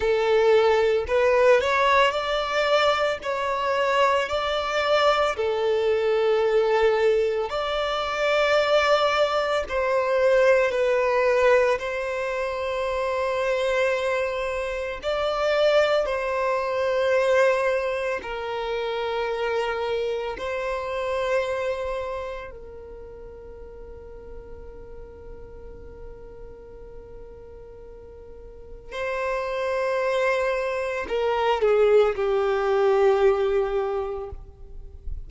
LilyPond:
\new Staff \with { instrumentName = "violin" } { \time 4/4 \tempo 4 = 56 a'4 b'8 cis''8 d''4 cis''4 | d''4 a'2 d''4~ | d''4 c''4 b'4 c''4~ | c''2 d''4 c''4~ |
c''4 ais'2 c''4~ | c''4 ais'2.~ | ais'2. c''4~ | c''4 ais'8 gis'8 g'2 | }